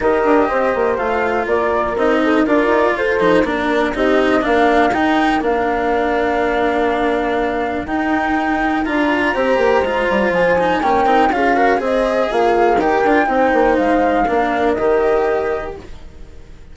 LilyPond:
<<
  \new Staff \with { instrumentName = "flute" } { \time 4/4 \tempo 4 = 122 dis''2 f''4 d''4 | dis''4 d''4 c''4 ais'4 | dis''4 f''4 g''4 f''4~ | f''1 |
g''2 ais''2~ | ais''4 gis''4 g''4 f''4 | dis''4 f''4 g''2 | f''2 dis''2 | }
  \new Staff \with { instrumentName = "horn" } { \time 4/4 ais'4 c''2 ais'4~ | ais'8 a'8 ais'4 a'4 ais'4 | g'4 ais'2.~ | ais'1~ |
ais'2. c''4~ | c''2 ais'4 gis'8 ais'8 | c''4 f'4 ais'4 c''4~ | c''4 ais'2. | }
  \new Staff \with { instrumentName = "cello" } { \time 4/4 g'2 f'2 | dis'4 f'4. dis'8 d'4 | dis'4 d'4 dis'4 d'4~ | d'1 |
dis'2 f'4 g'4 | f'4. dis'8 cis'8 dis'8 f'8 fis'8 | gis'2 g'8 f'8 dis'4~ | dis'4 d'4 g'2 | }
  \new Staff \with { instrumentName = "bassoon" } { \time 4/4 dis'8 d'8 c'8 ais8 a4 ais4 | c'4 d'8 dis'8 f'8 f8 ais4 | c'4 ais4 dis'4 ais4~ | ais1 |
dis'2 d'4 c'8 ais8 | gis8 g8 f4 ais8 c'8 cis'4 | c'4 ais4 dis'8 d'8 c'8 ais8 | gis4 ais4 dis2 | }
>>